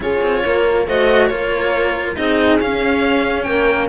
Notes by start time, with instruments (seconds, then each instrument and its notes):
0.00 cello C#4 F4, horn G#4, violin C#5
0.21 cello C4
0.45 cello A#3, horn A#4
0.86 cello A3 F#4, horn C5, violin D#5
1.26 cello A#3 F4, horn A#4, violin C#5
2.16 cello C4 D#4, horn G#4, violin D#5
2.60 cello C#4, violin F5
3.43 cello A#3, horn A#4, violin G5